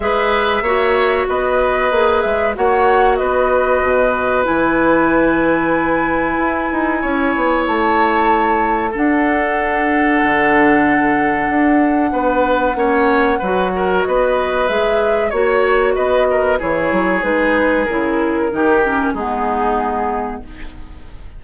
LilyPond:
<<
  \new Staff \with { instrumentName = "flute" } { \time 4/4 \tempo 4 = 94 e''2 dis''4. e''8 | fis''4 dis''2 gis''4~ | gis''1 | a''2 fis''2~ |
fis''1~ | fis''2 dis''4 e''4 | cis''4 dis''4 cis''4 b'4 | ais'2 gis'2 | }
  \new Staff \with { instrumentName = "oboe" } { \time 4/4 b'4 cis''4 b'2 | cis''4 b'2.~ | b'2. cis''4~ | cis''2 a'2~ |
a'2. b'4 | cis''4 b'8 ais'8 b'2 | cis''4 b'8 ais'8 gis'2~ | gis'4 g'4 dis'2 | }
  \new Staff \with { instrumentName = "clarinet" } { \time 4/4 gis'4 fis'2 gis'4 | fis'2. e'4~ | e'1~ | e'2 d'2~ |
d'1 | cis'4 fis'2 gis'4 | fis'2 e'4 dis'4 | e'4 dis'8 cis'8 b2 | }
  \new Staff \with { instrumentName = "bassoon" } { \time 4/4 gis4 ais4 b4 ais8 gis8 | ais4 b4 b,4 e4~ | e2 e'8 dis'8 cis'8 b8 | a2 d'2 |
d2 d'4 b4 | ais4 fis4 b4 gis4 | ais4 b4 e8 fis8 gis4 | cis4 dis4 gis2 | }
>>